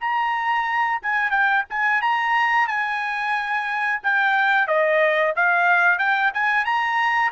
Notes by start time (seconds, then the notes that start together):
0.00 A#5
1.02 G#5
1.31 G5
1.70 G#5
2.01 A#5
2.68 G#5
4.03 G5
4.67 D#5
5.36 F5
5.98 G5
6.34 G#5
6.65 A#5